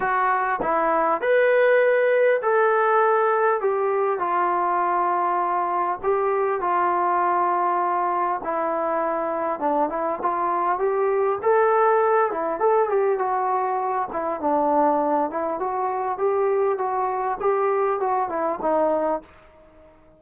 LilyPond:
\new Staff \with { instrumentName = "trombone" } { \time 4/4 \tempo 4 = 100 fis'4 e'4 b'2 | a'2 g'4 f'4~ | f'2 g'4 f'4~ | f'2 e'2 |
d'8 e'8 f'4 g'4 a'4~ | a'8 e'8 a'8 g'8 fis'4. e'8 | d'4. e'8 fis'4 g'4 | fis'4 g'4 fis'8 e'8 dis'4 | }